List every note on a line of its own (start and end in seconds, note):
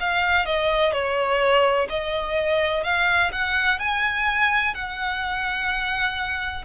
0.00 0.46 F5
0.46 0.93 D#5
0.93 1.88 C#5
1.89 2.84 D#5
2.84 3.31 F5
3.32 3.79 F#5
3.79 4.74 G#5
4.74 6.65 F#5